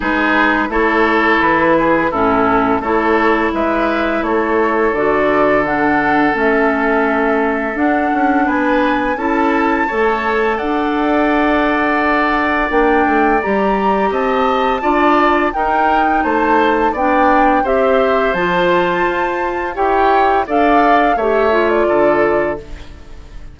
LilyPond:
<<
  \new Staff \with { instrumentName = "flute" } { \time 4/4 \tempo 4 = 85 b'4 cis''4 b'4 a'4 | cis''4 e''4 cis''4 d''4 | fis''4 e''2 fis''4 | gis''4 a''2 fis''4~ |
fis''2 g''4 ais''4 | a''2 g''4 a''4 | g''4 e''4 a''2 | g''4 f''4 e''8. d''4~ d''16 | }
  \new Staff \with { instrumentName = "oboe" } { \time 4/4 gis'4 a'4. gis'8 e'4 | a'4 b'4 a'2~ | a'1 | b'4 a'4 cis''4 d''4~ |
d''1 | dis''4 d''4 ais'4 c''4 | d''4 c''2. | cis''4 d''4 cis''4 a'4 | }
  \new Staff \with { instrumentName = "clarinet" } { \time 4/4 dis'4 e'2 cis'4 | e'2. fis'4 | d'4 cis'2 d'4~ | d'4 e'4 a'2~ |
a'2 d'4 g'4~ | g'4 f'4 dis'2 | d'4 g'4 f'2 | g'4 a'4 g'8 f'4. | }
  \new Staff \with { instrumentName = "bassoon" } { \time 4/4 gis4 a4 e4 a,4 | a4 gis4 a4 d4~ | d4 a2 d'8 cis'8 | b4 cis'4 a4 d'4~ |
d'2 ais8 a8 g4 | c'4 d'4 dis'4 a4 | b4 c'4 f4 f'4 | e'4 d'4 a4 d4 | }
>>